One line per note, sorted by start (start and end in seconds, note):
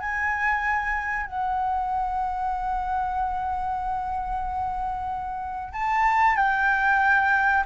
0.00 1.26 G#5
1.26 5.73 F#5
5.73 6.36 A5
6.36 7.64 G5